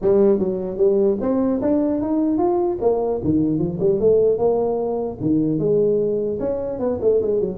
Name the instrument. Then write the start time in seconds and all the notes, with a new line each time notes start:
tuba
0.01 G3
0.39 F#3
0.77 G3
1.20 C4
1.61 D4
2.01 D#4
2.38 F4
2.81 A#3
3.23 D#3
3.59 F3
3.80 G3
3.99 A3
4.37 A#3
5.20 D#3
5.59 G#3
6.39 C#4
6.79 B3
7.01 A3
7.21 G#3
7.40 F#3